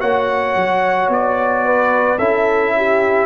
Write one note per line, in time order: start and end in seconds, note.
0.00 0.56 A#3
0.00 2.18 F#4
0.00 1.65 C#5
0.00 1.10 F#5
0.56 1.08 F#3
1.08 2.17 B3
1.08 2.18 D5
1.65 2.19 B4
2.18 3.26 C#4
2.18 3.26 E4
2.18 2.73 A4
2.18 3.26 E5
2.77 3.26 G4